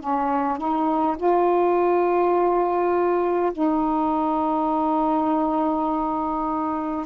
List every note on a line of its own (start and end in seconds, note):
0.00 0.57 C#4
0.57 1.16 D#4
1.17 3.52 F4
3.52 7.05 D#4